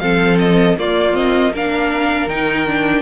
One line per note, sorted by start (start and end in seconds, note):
0.00 0.77 F3
0.00 0.78 C4
0.00 0.79 A4
0.00 0.38 F5
0.39 0.77 D#5
0.78 2.28 A#3
0.78 1.13 A#3
0.78 1.53 F4
0.78 1.16 D5
1.13 1.51 C4
1.13 1.53 D#5
1.53 2.30 D4
1.53 3.02 A#4
1.53 2.29 F5
2.28 3.02 D#3
2.28 2.67 D#4
2.28 3.02 G5
2.67 3.02 D4